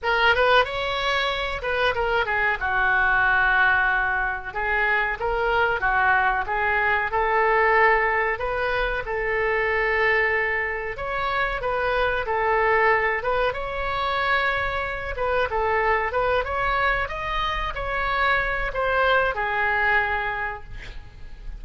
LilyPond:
\new Staff \with { instrumentName = "oboe" } { \time 4/4 \tempo 4 = 93 ais'8 b'8 cis''4. b'8 ais'8 gis'8 | fis'2. gis'4 | ais'4 fis'4 gis'4 a'4~ | a'4 b'4 a'2~ |
a'4 cis''4 b'4 a'4~ | a'8 b'8 cis''2~ cis''8 b'8 | a'4 b'8 cis''4 dis''4 cis''8~ | cis''4 c''4 gis'2 | }